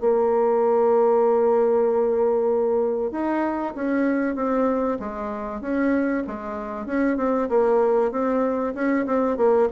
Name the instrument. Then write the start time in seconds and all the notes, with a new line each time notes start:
bassoon
0.00 A#3
3.11 D#4
3.75 C#4
4.36 C4
4.99 G#3
5.61 C#4
6.27 G#3
6.86 C#4
7.17 C4
7.49 A#3
8.11 C4
8.74 C#4
9.06 C4
9.37 A#3